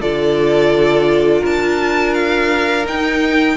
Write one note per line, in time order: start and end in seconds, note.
0.00 1.43 D3
0.00 2.85 F4
0.00 1.41 A4
0.00 1.44 D5
1.41 2.87 D4
1.41 3.55 A#4
1.41 2.14 A5
2.14 2.85 F5
2.85 3.56 D#4
2.85 3.57 D#4
2.85 3.57 G5